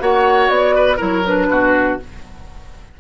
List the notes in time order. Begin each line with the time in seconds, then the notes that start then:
0.00 A#3 F#4 C#5 F#5
0.49 B3 D5
0.76 B4
0.97 F#3 E4 A#4 C#5
1.26 D4 B4
1.49 B2 F#4